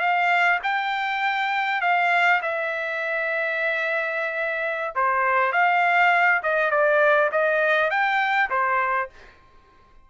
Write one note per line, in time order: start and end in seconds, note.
0.00 0.59 F5
0.63 1.81 G5
1.81 2.41 F5
2.42 4.94 E5
4.95 5.52 C5
5.52 6.42 F5
6.43 6.71 D#5
6.71 7.30 D5
7.32 7.90 D#5
7.90 8.50 G5
8.50 9.09 C5